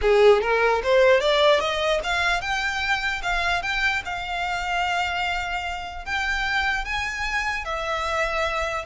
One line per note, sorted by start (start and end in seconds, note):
0.01 0.41 G#4
0.41 0.82 A#4
0.83 1.20 C5
1.20 1.60 D5
1.60 2.00 D#5
2.03 2.41 F5
2.41 3.21 G5
3.22 3.62 F5
3.62 4.02 G5
4.05 6.05 F5
6.05 6.84 G5
6.84 7.64 G#5
7.64 8.85 E5